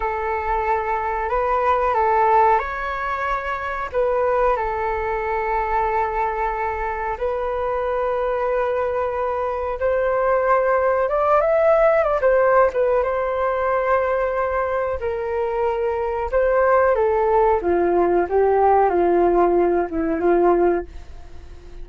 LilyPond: \new Staff \with { instrumentName = "flute" } { \time 4/4 \tempo 4 = 92 a'2 b'4 a'4 | cis''2 b'4 a'4~ | a'2. b'4~ | b'2. c''4~ |
c''4 d''8 e''4 d''16 c''8. b'8 | c''2. ais'4~ | ais'4 c''4 a'4 f'4 | g'4 f'4. e'8 f'4 | }